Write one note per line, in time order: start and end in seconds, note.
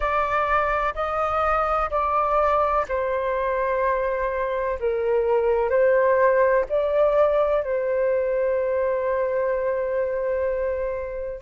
0.00 0.94 D5
0.94 1.90 D#5
1.90 2.85 D5
2.88 4.79 C5
4.79 5.69 A#4
5.69 6.64 C5
6.69 7.63 D5
7.63 11.41 C5